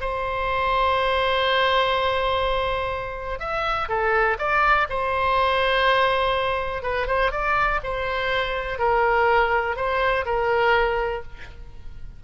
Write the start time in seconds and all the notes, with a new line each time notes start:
0.00 C5
3.39 E5
3.88 A4
4.38 D5
4.89 C5
6.82 B4
7.07 C5
7.31 D5
7.83 C5
8.78 A#4
9.76 C5
10.25 A#4